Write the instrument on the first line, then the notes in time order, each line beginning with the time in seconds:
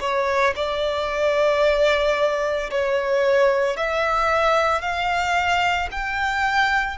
violin
0.00 C#5
0.56 D5
2.70 C#5
3.76 E5
4.81 F5
5.91 G5